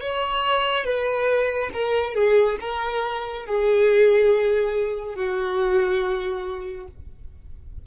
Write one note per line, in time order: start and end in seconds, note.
0.00 0.84 C#5
0.84 1.70 B4
1.73 2.14 A#4
2.14 2.57 G#4
2.60 3.46 A#4
3.46 5.15 G#4
5.15 6.86 F#4